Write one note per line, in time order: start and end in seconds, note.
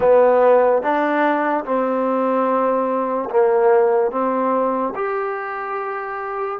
0.00 0.82 B3
0.82 1.64 D4
1.64 3.29 C4
3.30 4.11 A#3
4.11 4.93 C4
4.95 6.59 G4